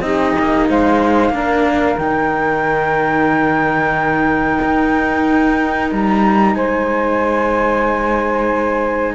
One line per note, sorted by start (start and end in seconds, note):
0.00 0.33 C4
0.00 1.33 D#4
0.00 0.68 G4
0.00 0.66 D#5
0.39 0.69 A#3
0.68 1.30 G#3
0.68 1.33 C5
0.68 1.98 F5
1.30 1.95 A#3
1.30 1.98 D4
1.30 6.55 A#4
1.98 4.58 D#3
1.98 9.14 D#4
1.98 5.89 G5
4.61 5.91 D#4
5.91 6.55 G3
5.91 6.54 A#5
6.54 9.14 G#3
6.54 9.14 C5
6.54 9.14 G#5